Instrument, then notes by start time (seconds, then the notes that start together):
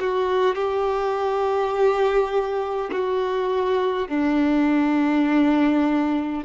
violin
0.00 F#4
0.56 G4
2.92 F#4
4.09 D4